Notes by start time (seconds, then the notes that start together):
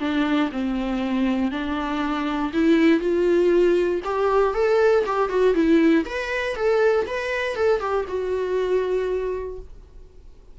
0.00 D4
0.52 C4
1.52 D4
2.53 E4
3.00 F4
4.05 G4
4.54 A4
5.06 G4
5.30 F#4
5.55 E4
6.06 B4
6.56 A4
7.07 B4
7.56 A4
7.80 G4
8.08 F#4